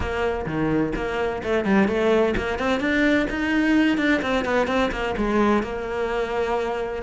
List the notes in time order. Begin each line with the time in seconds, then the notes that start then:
0.00 A#3
0.46 D#3
0.95 A#3
1.43 A3
1.64 G3
1.87 A3
2.37 A#3
2.58 C4
2.80 D4
3.30 D#4
3.97 D4
4.22 C4
4.44 B3
4.67 C4
4.91 A#3
5.17 G#3
5.62 A#3